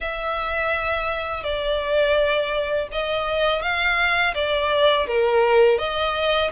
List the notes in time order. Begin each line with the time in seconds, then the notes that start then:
0.00 E5
1.43 D5
2.91 D#5
3.61 F5
4.34 D5
5.07 A#4
5.78 D#5